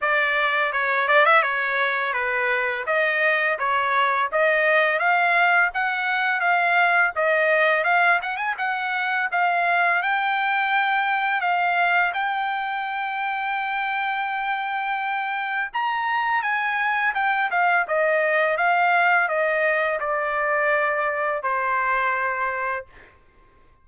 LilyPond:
\new Staff \with { instrumentName = "trumpet" } { \time 4/4 \tempo 4 = 84 d''4 cis''8 d''16 e''16 cis''4 b'4 | dis''4 cis''4 dis''4 f''4 | fis''4 f''4 dis''4 f''8 fis''16 gis''16 | fis''4 f''4 g''2 |
f''4 g''2.~ | g''2 ais''4 gis''4 | g''8 f''8 dis''4 f''4 dis''4 | d''2 c''2 | }